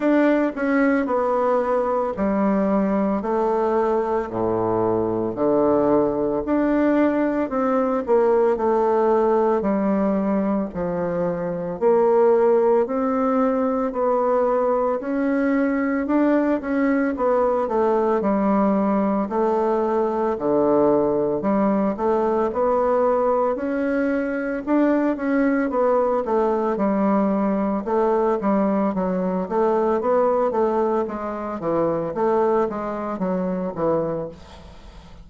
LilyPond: \new Staff \with { instrumentName = "bassoon" } { \time 4/4 \tempo 4 = 56 d'8 cis'8 b4 g4 a4 | a,4 d4 d'4 c'8 ais8 | a4 g4 f4 ais4 | c'4 b4 cis'4 d'8 cis'8 |
b8 a8 g4 a4 d4 | g8 a8 b4 cis'4 d'8 cis'8 | b8 a8 g4 a8 g8 fis8 a8 | b8 a8 gis8 e8 a8 gis8 fis8 e8 | }